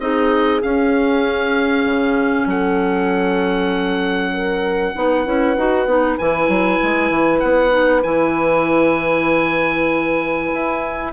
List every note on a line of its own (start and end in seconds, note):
0.00 0.62 C4
0.00 0.62 D#4
0.00 2.49 G#4
0.00 0.62 D#5
0.63 4.96 C#4
0.63 1.86 C#4
0.63 2.48 F5
1.86 2.46 C#3
2.46 4.94 F#3
2.46 4.33 A4
2.46 6.19 F#5
4.33 4.95 A#4
4.96 5.26 B3
4.96 5.26 D#4
4.96 11.13 B4
5.26 5.57 C#4
5.26 5.57 E4
5.57 5.86 D#4
5.57 5.88 F#4
5.86 6.17 B3
5.86 6.19 D#4
6.19 6.49 E3
6.19 7.71 E4
6.19 7.40 G#5
6.49 6.80 F#3
6.84 7.11 G#3
7.11 7.42 E3
7.40 8.05 B3
7.40 8.02 F#5
7.71 8.02 D#4
8.04 10.53 E3
8.04 11.13 E4
8.04 11.13 G#5
10.53 11.13 E4